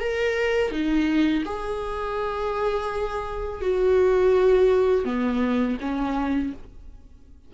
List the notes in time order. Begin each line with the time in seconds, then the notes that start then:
0.00 A#4
0.71 D#4
1.45 G#4
3.61 F#4
5.05 B3
5.81 C#4